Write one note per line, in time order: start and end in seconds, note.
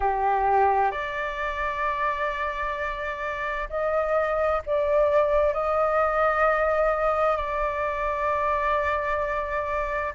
0.00 0.91 G4
0.91 3.68 D5
3.69 4.62 D#5
4.66 5.53 D5
5.53 7.36 D#5
7.36 10.13 D5